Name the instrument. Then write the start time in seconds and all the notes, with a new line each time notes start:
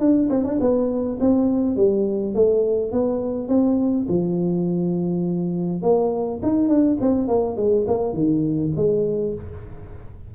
tuba
0.00 D4
0.30 C4
0.44 D4
0.60 B3
1.20 C4
1.76 G3
2.35 A3
2.92 B3
3.48 C4
4.09 F3
5.83 A#3
6.43 D#4
6.69 D4
7.01 C4
7.28 A#3
7.57 G#3
7.87 A#3
8.14 D#3
8.76 G#3